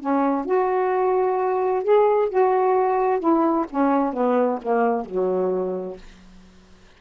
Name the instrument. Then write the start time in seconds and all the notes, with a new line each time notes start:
saxophone
0.00 C#4
0.45 F#4
1.83 G#4
2.29 F#4
3.20 E4
3.70 C#4
4.13 B3
4.62 A#3
5.05 F#3